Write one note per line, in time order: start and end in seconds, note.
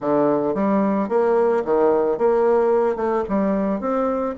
0.00 0.54 D3
0.54 1.08 G3
1.09 1.63 A#3
1.64 2.17 D#3
2.17 2.96 A#3
2.96 3.23 A3
3.29 3.80 G3
3.80 4.35 C4